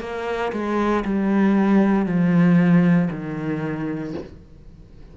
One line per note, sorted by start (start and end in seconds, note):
0.00 0.52 A#3
0.53 1.04 G#3
1.04 2.06 G3
2.06 3.09 F3
3.11 4.14 D#3